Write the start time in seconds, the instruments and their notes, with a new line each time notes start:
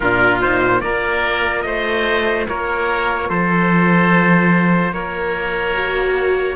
0.00 cello A#2, viola D4, oboe F4, trumpet A#4
0.41 viola D#4, trumpet C5
0.80 cello A#3, viola F4, oboe A#4, trumpet D5
1.62 cello A3, oboe C5, trumpet D#5
2.48 cello A#3, oboe A#4, trumpet C#5
3.28 cello F3, oboe A4, trumpet C5
4.92 cello A#3, oboe A#4, trumpet C#5
5.74 viola F#4